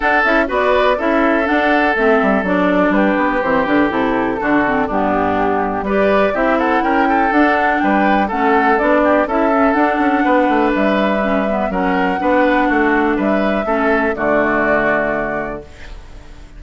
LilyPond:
<<
  \new Staff \with { instrumentName = "flute" } { \time 4/4 \tempo 4 = 123 fis''8 e''8 d''4 e''4 fis''4 | e''4 d''4 b'4 c''8 b'8 | a'2 g'2 | d''4 e''8 fis''8 g''4 fis''4 |
g''4 fis''4 d''4 e''4 | fis''2 e''2 | fis''2. e''4~ | e''4 d''2. | }
  \new Staff \with { instrumentName = "oboe" } { \time 4/4 a'4 b'4 a'2~ | a'2 g'2~ | g'4 fis'4 d'2 | b'4 g'8 a'8 ais'8 a'4. |
b'4 a'4. g'8 a'4~ | a'4 b'2. | ais'4 b'4 fis'4 b'4 | a'4 fis'2. | }
  \new Staff \with { instrumentName = "clarinet" } { \time 4/4 d'8 e'8 fis'4 e'4 d'4 | c'4 d'2 c'8 d'8 | e'4 d'8 c'8 b2 | g'4 e'2 d'4~ |
d'4 cis'4 d'4 e'8 cis'8 | d'2. cis'8 b8 | cis'4 d'2. | cis'4 a2. | }
  \new Staff \with { instrumentName = "bassoon" } { \time 4/4 d'8 cis'8 b4 cis'4 d'4 | a8 g8 fis4 g8 b8 e8 d8 | c4 d4 g,2 | g4 c'4 cis'4 d'4 |
g4 a4 b4 cis'4 | d'8 cis'8 b8 a8 g2 | fis4 b4 a4 g4 | a4 d2. | }
>>